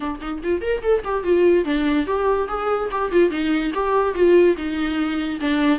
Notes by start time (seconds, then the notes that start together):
0.00 D4
0.21 D#4
0.43 F4
0.61 A#4
0.82 A4
1.04 G4
1.23 F4
1.65 D4
2.06 G4
2.48 G#4
2.91 G4
3.11 F4
3.30 D#4
3.74 G4
4.14 F4
4.56 D#4
5.40 D4